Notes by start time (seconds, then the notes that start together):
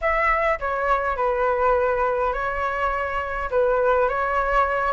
0.01 E5
0.59 C#5
1.16 B4
2.33 C#5
3.50 B4
4.08 C#5